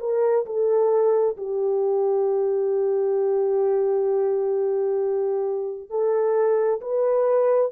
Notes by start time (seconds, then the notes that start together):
0.00 A#4
0.46 A4
1.37 G4
5.90 A4
6.81 B4